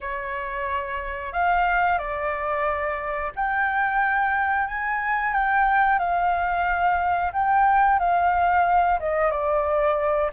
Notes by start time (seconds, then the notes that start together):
0.00 C#5
1.32 F5
1.98 D5
3.35 G5
4.67 G#5
5.33 G5
5.98 F5
7.32 G5
7.99 F5
8.99 D#5
9.30 D5